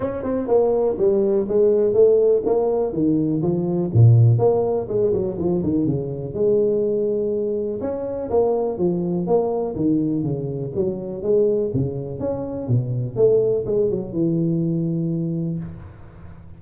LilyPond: \new Staff \with { instrumentName = "tuba" } { \time 4/4 \tempo 4 = 123 cis'8 c'8 ais4 g4 gis4 | a4 ais4 dis4 f4 | ais,4 ais4 gis8 fis8 f8 dis8 | cis4 gis2. |
cis'4 ais4 f4 ais4 | dis4 cis4 fis4 gis4 | cis4 cis'4 b,4 a4 | gis8 fis8 e2. | }